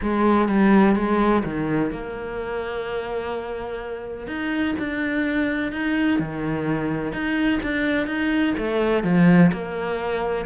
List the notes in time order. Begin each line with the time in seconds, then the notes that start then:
0.02 G#3
0.48 G3
0.95 G#3
1.44 D#3
1.91 A#3
4.27 D#4
4.78 D4
5.71 D#4
6.19 D#3
7.12 D#4
7.63 D4
8.06 D#4
8.57 A3
9.03 F3
9.52 A#3